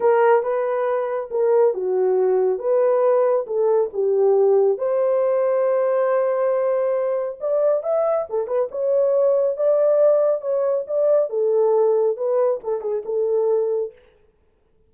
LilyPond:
\new Staff \with { instrumentName = "horn" } { \time 4/4 \tempo 4 = 138 ais'4 b'2 ais'4 | fis'2 b'2 | a'4 g'2 c''4~ | c''1~ |
c''4 d''4 e''4 a'8 b'8 | cis''2 d''2 | cis''4 d''4 a'2 | b'4 a'8 gis'8 a'2 | }